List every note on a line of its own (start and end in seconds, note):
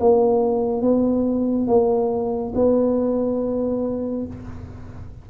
0.00 0.81 A#3
0.81 1.67 B3
1.67 2.53 A#3
2.55 4.26 B3